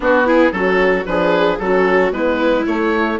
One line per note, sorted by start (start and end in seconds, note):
0.00 0.51 B3
0.00 0.52 B3
0.00 0.25 D4
0.00 0.27 F#4
0.25 0.52 E4
0.25 0.51 G#4
0.51 1.05 F#3
0.51 1.05 C#4
0.51 1.08 F#4
0.51 1.05 A4
1.05 1.59 F3
1.05 1.60 D4
1.05 1.61 G#4
1.05 1.58 B4
1.59 2.11 F#3
1.59 2.12 C#4
1.59 2.13 F#4
1.59 2.12 A4
2.11 2.64 G#3
2.11 2.65 B3
2.11 3.19 E4
2.11 2.65 B4
2.65 3.18 A3
2.65 3.19 A3
2.65 3.19 C#5